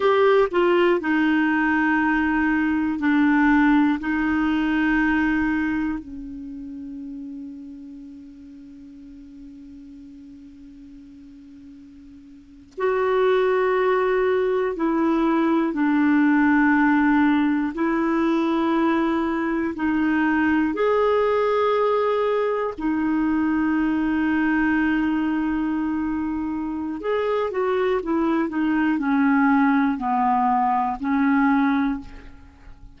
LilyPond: \new Staff \with { instrumentName = "clarinet" } { \time 4/4 \tempo 4 = 60 g'8 f'8 dis'2 d'4 | dis'2 cis'2~ | cis'1~ | cis'8. fis'2 e'4 d'16~ |
d'4.~ d'16 e'2 dis'16~ | dis'8. gis'2 dis'4~ dis'16~ | dis'2. gis'8 fis'8 | e'8 dis'8 cis'4 b4 cis'4 | }